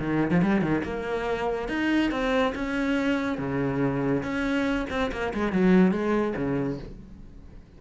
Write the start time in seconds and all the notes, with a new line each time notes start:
0.00 D#3
0.31 F3
0.43 G3
0.62 D#3
0.84 A#3
1.69 D#4
2.11 C4
2.55 C#4
3.38 C#3
4.23 C#4
4.90 C4
5.12 A#3
5.34 G#3
5.53 F#3
5.92 G#3
6.37 C#3